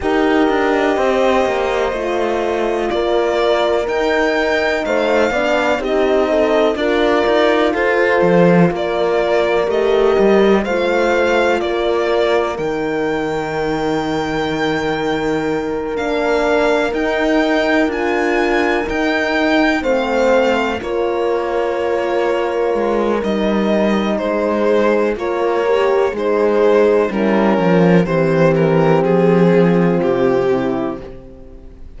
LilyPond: <<
  \new Staff \with { instrumentName = "violin" } { \time 4/4 \tempo 4 = 62 dis''2. d''4 | g''4 f''4 dis''4 d''4 | c''4 d''4 dis''4 f''4 | d''4 g''2.~ |
g''8 f''4 g''4 gis''4 g''8~ | g''8 f''4 cis''2~ cis''8 | dis''4 c''4 cis''4 c''4 | ais'4 c''8 ais'8 gis'4 g'4 | }
  \new Staff \with { instrumentName = "horn" } { \time 4/4 ais'4 c''2 ais'4~ | ais'4 c''8 d''8 g'8 a'8 ais'4 | a'4 ais'2 c''4 | ais'1~ |
ais'1~ | ais'8 c''4 ais'2~ ais'8~ | ais'4 gis'4 ais'4 dis'4 | e'8 f'8 g'4. f'4 e'8 | }
  \new Staff \with { instrumentName = "horn" } { \time 4/4 g'2 f'2 | dis'4. d'8 dis'4 f'4~ | f'2 g'4 f'4~ | f'4 dis'2.~ |
dis'8 d'4 dis'4 f'4 dis'8~ | dis'8 c'4 f'2~ f'8 | dis'2 f'8 g'8 gis'4 | cis'4 c'2. | }
  \new Staff \with { instrumentName = "cello" } { \time 4/4 dis'8 d'8 c'8 ais8 a4 ais4 | dis'4 a8 b8 c'4 d'8 dis'8 | f'8 f8 ais4 a8 g8 a4 | ais4 dis2.~ |
dis8 ais4 dis'4 d'4 dis'8~ | dis'8 a4 ais2 gis8 | g4 gis4 ais4 gis4 | g8 f8 e4 f4 c4 | }
>>